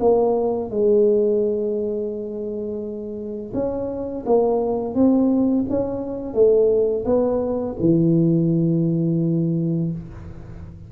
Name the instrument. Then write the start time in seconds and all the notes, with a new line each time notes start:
tuba
0.00 A#3
0.71 G#3
3.54 C#4
4.26 A#3
4.95 C4
5.70 C#4
6.34 A3
7.06 B3
7.80 E3